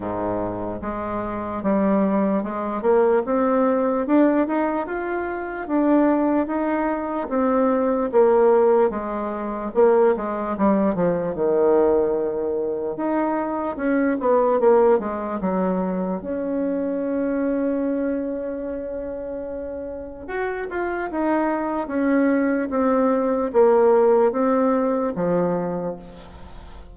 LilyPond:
\new Staff \with { instrumentName = "bassoon" } { \time 4/4 \tempo 4 = 74 gis,4 gis4 g4 gis8 ais8 | c'4 d'8 dis'8 f'4 d'4 | dis'4 c'4 ais4 gis4 | ais8 gis8 g8 f8 dis2 |
dis'4 cis'8 b8 ais8 gis8 fis4 | cis'1~ | cis'4 fis'8 f'8 dis'4 cis'4 | c'4 ais4 c'4 f4 | }